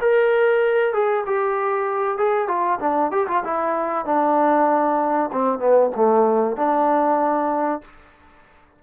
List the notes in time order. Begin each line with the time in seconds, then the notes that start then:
0.00 A#4
0.93 G#4
1.26 G4
2.17 G#4
2.47 F4
2.80 D4
3.11 G4
3.27 F4
3.44 E4
4.05 D4
5.32 C4
5.59 B3
5.95 A3
6.56 D4